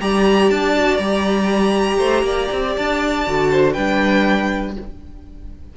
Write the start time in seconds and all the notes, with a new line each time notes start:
0.00 G3 G4 D5 A#5
0.50 D4 A5
0.76 F#4
0.97 G3 G4 A#5
1.98 A3 C5
2.23 A#3 D5
2.52 C4
2.77 D4 A5
3.25 D3 F#4
3.51 C5
3.73 G3 D4 B4 G5